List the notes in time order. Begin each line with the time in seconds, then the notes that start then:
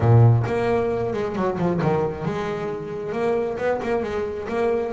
0.00 A#2
0.46 A#3
1.13 G#3
1.35 F#3
1.58 F3
1.81 D#3
2.25 G#3
3.12 A#3
3.57 B3
3.82 A#3
4.03 G#3
4.48 A#3